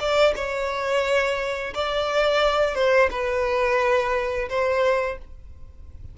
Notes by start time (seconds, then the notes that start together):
0.00 D5
0.36 C#5
1.74 D5
2.75 C5
3.11 B4
4.49 C5